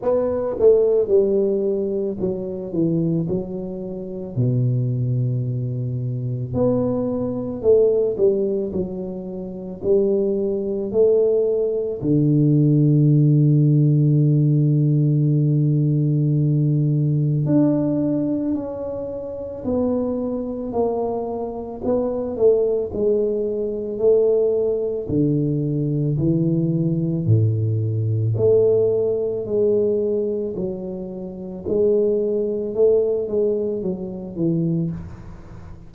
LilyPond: \new Staff \with { instrumentName = "tuba" } { \time 4/4 \tempo 4 = 55 b8 a8 g4 fis8 e8 fis4 | b,2 b4 a8 g8 | fis4 g4 a4 d4~ | d1 |
d'4 cis'4 b4 ais4 | b8 a8 gis4 a4 d4 | e4 a,4 a4 gis4 | fis4 gis4 a8 gis8 fis8 e8 | }